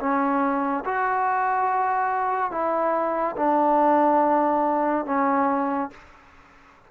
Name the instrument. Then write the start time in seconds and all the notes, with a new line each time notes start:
trombone
0.00 C#4
0.85 F#4
2.52 E4
3.37 D4
5.06 C#4